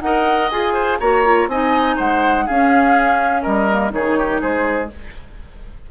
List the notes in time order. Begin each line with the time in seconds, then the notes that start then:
0.00 D#4 A#4 D#5 F#5
0.50 F4 G#4 G#5
0.73 C5
1.00 A#3 F#4 C#5 A#5
1.25 F4
1.47 C4 D#4 D#5 G#5
1.96 G#3 C5 F#5
2.46 C#4 G#4 F5
3.42 G3 A#4 D#5
3.71 A#3
3.90 D#3 D#4 G#4 C#5
4.18 G4
4.41 G#3 G#4 C5